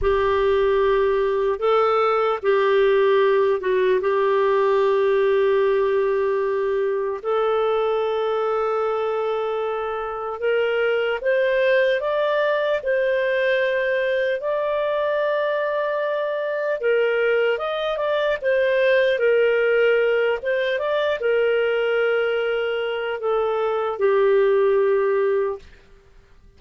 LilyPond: \new Staff \with { instrumentName = "clarinet" } { \time 4/4 \tempo 4 = 75 g'2 a'4 g'4~ | g'8 fis'8 g'2.~ | g'4 a'2.~ | a'4 ais'4 c''4 d''4 |
c''2 d''2~ | d''4 ais'4 dis''8 d''8 c''4 | ais'4. c''8 d''8 ais'4.~ | ais'4 a'4 g'2 | }